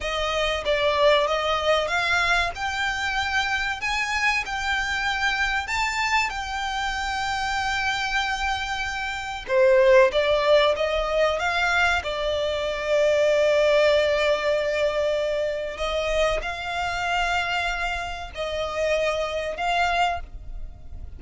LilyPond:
\new Staff \with { instrumentName = "violin" } { \time 4/4 \tempo 4 = 95 dis''4 d''4 dis''4 f''4 | g''2 gis''4 g''4~ | g''4 a''4 g''2~ | g''2. c''4 |
d''4 dis''4 f''4 d''4~ | d''1~ | d''4 dis''4 f''2~ | f''4 dis''2 f''4 | }